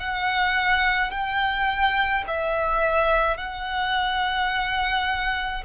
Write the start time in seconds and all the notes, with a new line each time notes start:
0.00 F#5
1.11 G5
2.27 E5
3.38 F#5